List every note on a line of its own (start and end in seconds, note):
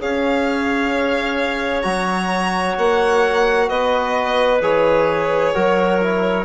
0.00 1.85 C#4
0.00 1.83 G#4
0.00 3.68 C#5
0.00 1.82 F5
1.82 2.77 F#3
1.82 4.60 F#4
1.82 2.74 A#5
2.77 3.69 A#3
2.77 3.69 F#5
3.68 4.62 B3
3.68 5.53 B4
3.68 4.62 D#5
4.62 5.54 E3
4.62 5.54 G#4
4.62 6.45 C#5
5.53 6.45 F#3
5.53 6.01 F#4
5.53 6.45 A#4
6.01 6.45 E4